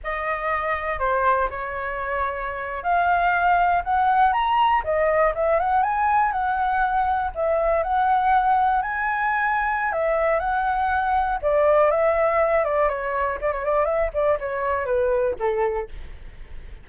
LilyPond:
\new Staff \with { instrumentName = "flute" } { \time 4/4 \tempo 4 = 121 dis''2 c''4 cis''4~ | cis''4.~ cis''16 f''2 fis''16~ | fis''8. ais''4 dis''4 e''8 fis''8 gis''16~ | gis''8. fis''2 e''4 fis''16~ |
fis''4.~ fis''16 gis''2~ gis''16 | e''4 fis''2 d''4 | e''4. d''8 cis''4 d''16 cis''16 d''8 | e''8 d''8 cis''4 b'4 a'4 | }